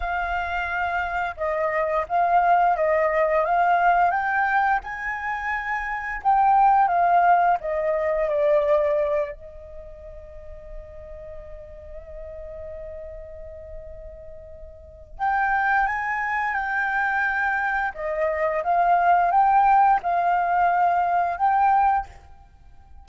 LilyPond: \new Staff \with { instrumentName = "flute" } { \time 4/4 \tempo 4 = 87 f''2 dis''4 f''4 | dis''4 f''4 g''4 gis''4~ | gis''4 g''4 f''4 dis''4 | d''4. dis''2~ dis''8~ |
dis''1~ | dis''2 g''4 gis''4 | g''2 dis''4 f''4 | g''4 f''2 g''4 | }